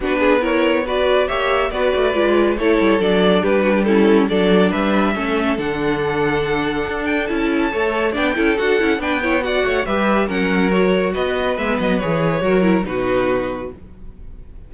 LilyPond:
<<
  \new Staff \with { instrumentName = "violin" } { \time 4/4 \tempo 4 = 140 b'4 cis''4 d''4 e''4 | d''2 cis''4 d''4 | b'4 a'4 d''4 e''4~ | e''4 fis''2.~ |
fis''8 g''8 a''2 g''4 | fis''4 g''4 fis''4 e''4 | fis''4 cis''4 dis''4 e''8 dis''8 | cis''2 b'2 | }
  \new Staff \with { instrumentName = "violin" } { \time 4/4 fis'8 gis'8 ais'4 b'4 cis''4 | b'2 a'2 | g'8 fis'16 g'16 e'4 a'4 b'4 | a'1~ |
a'2 cis''4 d''8 a'8~ | a'4 b'8 cis''8 d''8 cis''8 b'4 | ais'2 b'2~ | b'4 ais'4 fis'2 | }
  \new Staff \with { instrumentName = "viola" } { \time 4/4 d'4 e'4 fis'4 g'4 | fis'4 f'4 e'4 d'4~ | d'4 cis'4 d'2 | cis'4 d'2.~ |
d'4 e'4 a'4 d'8 e'8 | fis'8 e'8 d'8 e'8 fis'4 g'4 | cis'4 fis'2 b4 | gis'4 fis'8 e'8 dis'2 | }
  \new Staff \with { instrumentName = "cello" } { \time 4/4 b2. ais4 | b8 a8 gis4 a8 g8 fis4 | g2 fis4 g4 | a4 d2. |
d'4 cis'4 a4 b8 cis'8 | d'8 cis'8 b4. a8 g4 | fis2 b4 gis8 fis8 | e4 fis4 b,2 | }
>>